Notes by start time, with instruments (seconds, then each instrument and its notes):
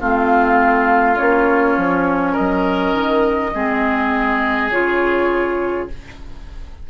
0.00 bassoon A3, clarinet C4, oboe F4, flute F5
1.16 bassoon A#3, clarinet C#4, flute C#5
1.77 bassoon F3
2.33 bassoon F#3, oboe A#4, flute D#5
2.94 bassoon D#3
3.54 bassoon G#3, clarinet C4, oboe G#4
4.71 bassoon C#3, clarinet F4, flute C#5